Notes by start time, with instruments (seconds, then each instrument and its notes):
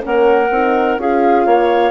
0.00 bassoon A#3, horn C#4, clarinet A#4, flute F#5
0.51 bassoon C4, horn D#4
0.98 bassoon C#4, horn F4, clarinet G#4, flute F5
1.46 bassoon A#3, clarinet C#5